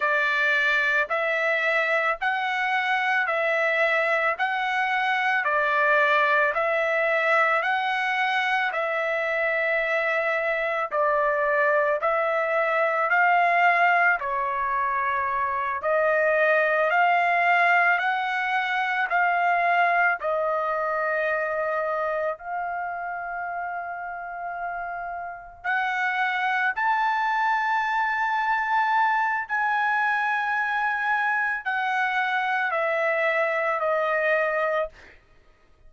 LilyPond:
\new Staff \with { instrumentName = "trumpet" } { \time 4/4 \tempo 4 = 55 d''4 e''4 fis''4 e''4 | fis''4 d''4 e''4 fis''4 | e''2 d''4 e''4 | f''4 cis''4. dis''4 f''8~ |
f''8 fis''4 f''4 dis''4.~ | dis''8 f''2. fis''8~ | fis''8 a''2~ a''8 gis''4~ | gis''4 fis''4 e''4 dis''4 | }